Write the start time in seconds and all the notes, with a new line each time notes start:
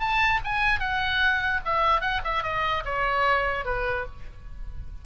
0.00 A5
0.44 G#5
0.80 F#5
1.65 E5
2.01 F#5
2.24 E5
2.43 D#5
2.85 C#5
3.65 B4